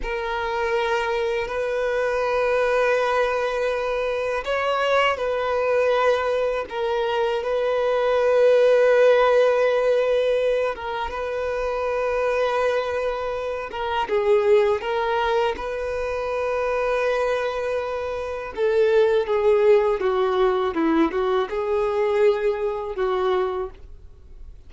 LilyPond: \new Staff \with { instrumentName = "violin" } { \time 4/4 \tempo 4 = 81 ais'2 b'2~ | b'2 cis''4 b'4~ | b'4 ais'4 b'2~ | b'2~ b'8 ais'8 b'4~ |
b'2~ b'8 ais'8 gis'4 | ais'4 b'2.~ | b'4 a'4 gis'4 fis'4 | e'8 fis'8 gis'2 fis'4 | }